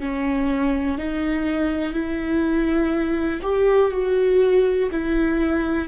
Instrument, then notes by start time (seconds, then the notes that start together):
viola
0.00 C#4
0.98 D#4
1.94 E4
3.43 G4
3.92 F#4
4.92 E4